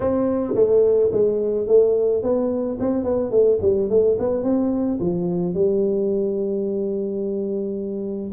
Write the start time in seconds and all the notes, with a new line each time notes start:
0.00 C4
0.54 A3
1.11 G#3
1.67 A3
2.22 B3
2.80 C4
3.04 B3
3.30 A3
3.61 G3
3.89 A3
4.18 B3
4.43 C4
4.99 F3
5.54 G3